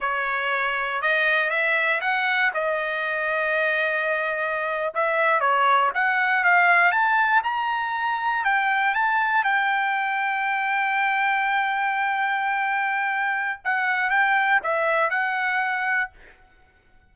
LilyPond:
\new Staff \with { instrumentName = "trumpet" } { \time 4/4 \tempo 4 = 119 cis''2 dis''4 e''4 | fis''4 dis''2.~ | dis''4.~ dis''16 e''4 cis''4 fis''16~ | fis''8. f''4 a''4 ais''4~ ais''16~ |
ais''8. g''4 a''4 g''4~ g''16~ | g''1~ | g''2. fis''4 | g''4 e''4 fis''2 | }